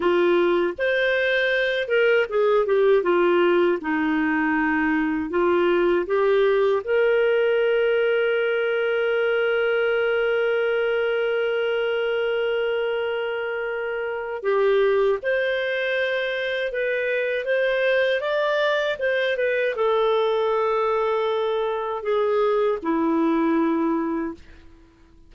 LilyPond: \new Staff \with { instrumentName = "clarinet" } { \time 4/4 \tempo 4 = 79 f'4 c''4. ais'8 gis'8 g'8 | f'4 dis'2 f'4 | g'4 ais'2.~ | ais'1~ |
ais'2. g'4 | c''2 b'4 c''4 | d''4 c''8 b'8 a'2~ | a'4 gis'4 e'2 | }